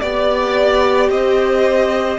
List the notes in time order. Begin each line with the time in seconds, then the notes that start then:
0.00 B3 G4 D5
1.09 C4 C5 D#5